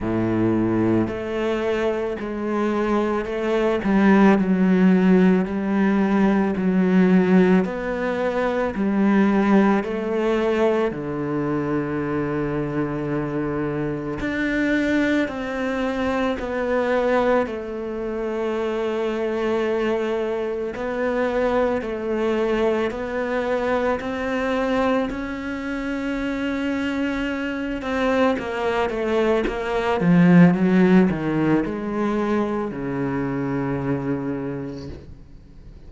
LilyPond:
\new Staff \with { instrumentName = "cello" } { \time 4/4 \tempo 4 = 55 a,4 a4 gis4 a8 g8 | fis4 g4 fis4 b4 | g4 a4 d2~ | d4 d'4 c'4 b4 |
a2. b4 | a4 b4 c'4 cis'4~ | cis'4. c'8 ais8 a8 ais8 f8 | fis8 dis8 gis4 cis2 | }